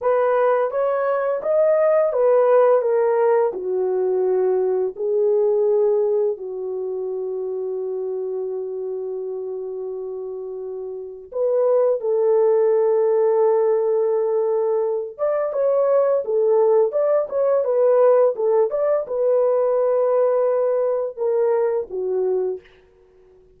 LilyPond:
\new Staff \with { instrumentName = "horn" } { \time 4/4 \tempo 4 = 85 b'4 cis''4 dis''4 b'4 | ais'4 fis'2 gis'4~ | gis'4 fis'2.~ | fis'1 |
b'4 a'2.~ | a'4. d''8 cis''4 a'4 | d''8 cis''8 b'4 a'8 d''8 b'4~ | b'2 ais'4 fis'4 | }